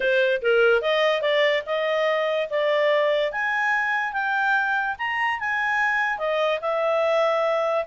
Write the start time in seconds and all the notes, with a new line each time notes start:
0.00 C5
0.42 A#4
0.81 D#5
1.21 D5
1.66 D#5
2.49 D5
3.32 G#5
4.12 G5
4.98 A#5
5.39 G#5
6.18 D#5
6.61 E5